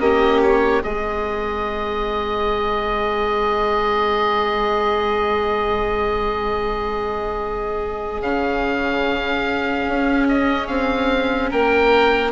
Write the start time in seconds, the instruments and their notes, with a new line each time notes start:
0.00 bassoon A#3, viola C#4, violin G4, oboe D#5
0.42 oboe C#5
0.83 bassoon G#3, viola C4, violin G#4, oboe D#5
8.21 bassoon C#3, viola C#4, oboe F5
9.88 bassoon C#4
10.28 oboe D#5
10.67 bassoon C4, oboe F5
11.50 bassoon A#3, violin A#4, oboe G5